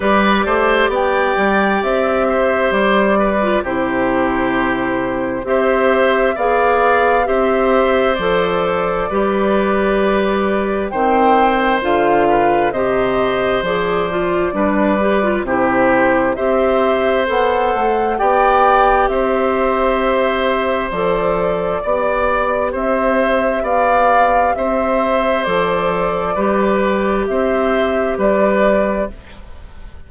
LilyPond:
<<
  \new Staff \with { instrumentName = "flute" } { \time 4/4 \tempo 4 = 66 d''4 g''4 e''4 d''4 | c''2 e''4 f''4 | e''4 d''2. | g''4 f''4 dis''4 d''4~ |
d''4 c''4 e''4 fis''4 | g''4 e''2 d''4~ | d''4 e''4 f''4 e''4 | d''2 e''4 d''4 | }
  \new Staff \with { instrumentName = "oboe" } { \time 4/4 b'8 c''8 d''4. c''4 b'8 | g'2 c''4 d''4 | c''2 b'2 | c''4. b'8 c''2 |
b'4 g'4 c''2 | d''4 c''2. | d''4 c''4 d''4 c''4~ | c''4 b'4 c''4 b'4 | }
  \new Staff \with { instrumentName = "clarinet" } { \time 4/4 g'2.~ g'8. f'16 | e'2 g'4 gis'4 | g'4 a'4 g'2 | c'4 f'4 g'4 gis'8 f'8 |
d'8 g'16 f'16 e'4 g'4 a'4 | g'2. a'4 | g'1 | a'4 g'2. | }
  \new Staff \with { instrumentName = "bassoon" } { \time 4/4 g8 a8 b8 g8 c'4 g4 | c2 c'4 b4 | c'4 f4 g2 | dis4 d4 c4 f4 |
g4 c4 c'4 b8 a8 | b4 c'2 f4 | b4 c'4 b4 c'4 | f4 g4 c'4 g4 | }
>>